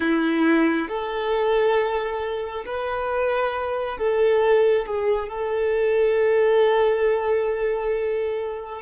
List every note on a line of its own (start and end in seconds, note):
0.00 0.88 E4
0.88 2.65 A4
2.65 3.97 B4
3.97 4.86 A4
4.86 5.28 G#4
5.28 8.81 A4